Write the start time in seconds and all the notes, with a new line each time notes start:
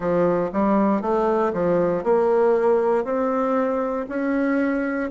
0.00 F3
0.52 G3
1.01 A3
1.53 F3
2.03 A#3
3.04 C4
4.08 C#4